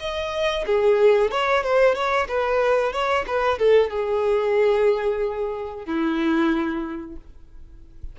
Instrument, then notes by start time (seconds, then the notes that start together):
violin
0.00 D#5
0.66 G#4
1.31 C#5
1.64 C5
1.95 C#5
2.29 B4
2.93 C#5
3.27 B4
3.59 A4
3.90 G#4
5.86 E4